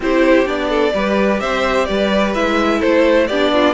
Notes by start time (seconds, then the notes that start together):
0.00 C4 E4 G4 C5
0.45 B3 D4 D5
0.69 A4
0.94 G3 G4 B4
1.39 C4 C5 E5
1.85 G3 B4 D5
2.34 G#3 E4 E5
2.79 A3 A4 C5
3.27 B3 D4 G4 D5
3.53 F4